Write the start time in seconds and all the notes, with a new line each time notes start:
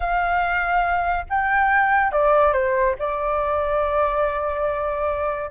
0.00 F5
1.29 G5
2.12 D5
2.52 C5
2.99 D5